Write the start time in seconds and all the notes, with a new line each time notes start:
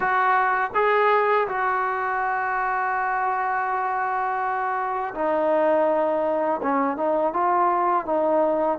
0.00 F#4
0.74 G#4
1.48 F#4
5.14 D#4
6.62 C#4
6.96 D#4
7.33 F4
8.05 D#4